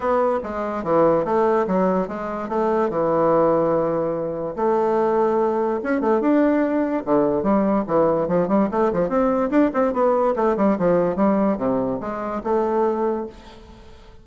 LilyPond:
\new Staff \with { instrumentName = "bassoon" } { \time 4/4 \tempo 4 = 145 b4 gis4 e4 a4 | fis4 gis4 a4 e4~ | e2. a4~ | a2 cis'8 a8 d'4~ |
d'4 d4 g4 e4 | f8 g8 a8 f8 c'4 d'8 c'8 | b4 a8 g8 f4 g4 | c4 gis4 a2 | }